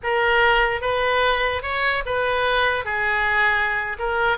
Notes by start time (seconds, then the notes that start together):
0.03 A#4
0.81 B4
1.62 C#5
2.05 B4
2.85 G#4
3.99 A#4